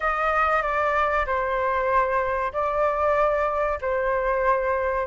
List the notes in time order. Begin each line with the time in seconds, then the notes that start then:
0.00 D#5
0.62 D5
1.25 C5
2.52 D5
3.81 C5